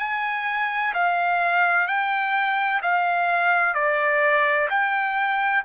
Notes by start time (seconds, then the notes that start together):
0.00 G#5
0.94 F5
1.87 G5
2.83 F5
3.75 D5
4.70 G5